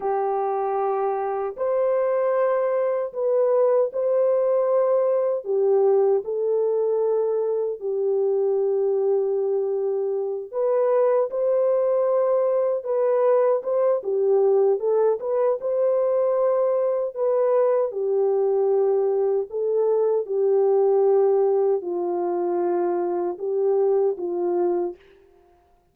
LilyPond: \new Staff \with { instrumentName = "horn" } { \time 4/4 \tempo 4 = 77 g'2 c''2 | b'4 c''2 g'4 | a'2 g'2~ | g'4. b'4 c''4.~ |
c''8 b'4 c''8 g'4 a'8 b'8 | c''2 b'4 g'4~ | g'4 a'4 g'2 | f'2 g'4 f'4 | }